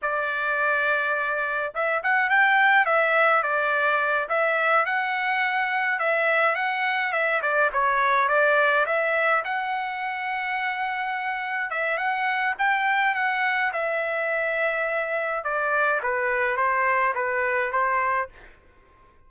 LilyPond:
\new Staff \with { instrumentName = "trumpet" } { \time 4/4 \tempo 4 = 105 d''2. e''8 fis''8 | g''4 e''4 d''4. e''8~ | e''8 fis''2 e''4 fis''8~ | fis''8 e''8 d''8 cis''4 d''4 e''8~ |
e''8 fis''2.~ fis''8~ | fis''8 e''8 fis''4 g''4 fis''4 | e''2. d''4 | b'4 c''4 b'4 c''4 | }